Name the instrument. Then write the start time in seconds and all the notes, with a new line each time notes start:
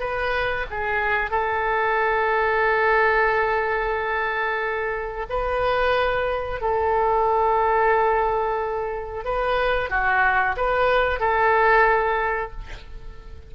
oboe
0.00 B4
0.70 G#4
1.31 A4
5.29 B4
6.61 A4
9.25 B4
9.90 F#4
10.57 B4
11.20 A4